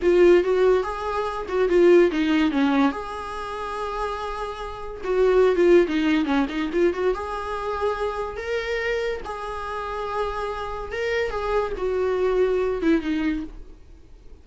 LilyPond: \new Staff \with { instrumentName = "viola" } { \time 4/4 \tempo 4 = 143 f'4 fis'4 gis'4. fis'8 | f'4 dis'4 cis'4 gis'4~ | gis'1 | fis'4~ fis'16 f'8. dis'4 cis'8 dis'8 |
f'8 fis'8 gis'2. | ais'2 gis'2~ | gis'2 ais'4 gis'4 | fis'2~ fis'8 e'8 dis'4 | }